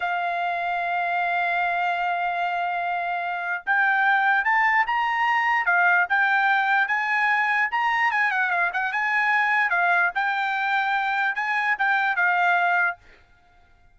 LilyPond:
\new Staff \with { instrumentName = "trumpet" } { \time 4/4 \tempo 4 = 148 f''1~ | f''1~ | f''4 g''2 a''4 | ais''2 f''4 g''4~ |
g''4 gis''2 ais''4 | gis''8 fis''8 f''8 fis''8 gis''2 | f''4 g''2. | gis''4 g''4 f''2 | }